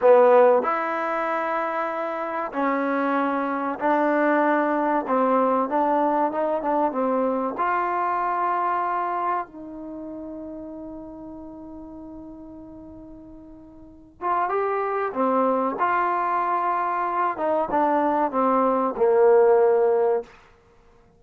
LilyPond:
\new Staff \with { instrumentName = "trombone" } { \time 4/4 \tempo 4 = 95 b4 e'2. | cis'2 d'2 | c'4 d'4 dis'8 d'8 c'4 | f'2. dis'4~ |
dis'1~ | dis'2~ dis'8 f'8 g'4 | c'4 f'2~ f'8 dis'8 | d'4 c'4 ais2 | }